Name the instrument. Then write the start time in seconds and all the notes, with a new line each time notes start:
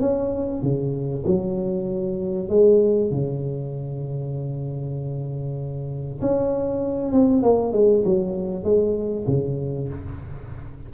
tuba
0.00 C#4
0.62 C#3
1.26 F#3
2.49 G#3
3.11 C#3
6.21 C#4
7.12 C4
7.42 A#3
7.73 G#3
8.04 F#3
8.64 G#3
9.27 C#3